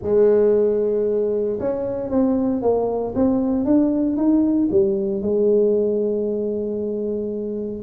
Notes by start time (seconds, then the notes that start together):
0.02 G#3
1.59 C#4
2.10 C4
2.61 A#3
3.15 C4
3.65 D4
4.16 D#4
4.71 G3
5.22 G#3